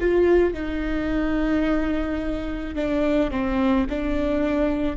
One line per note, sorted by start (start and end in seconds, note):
0.00 0.54 F4
0.54 2.75 D#4
2.75 3.31 D4
3.31 3.86 C4
3.89 4.96 D4